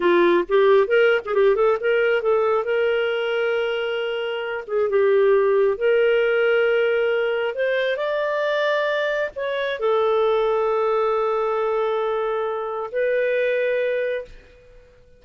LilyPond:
\new Staff \with { instrumentName = "clarinet" } { \time 4/4 \tempo 4 = 135 f'4 g'4 ais'8. gis'16 g'8 a'8 | ais'4 a'4 ais'2~ | ais'2~ ais'8 gis'8 g'4~ | g'4 ais'2.~ |
ais'4 c''4 d''2~ | d''4 cis''4 a'2~ | a'1~ | a'4 b'2. | }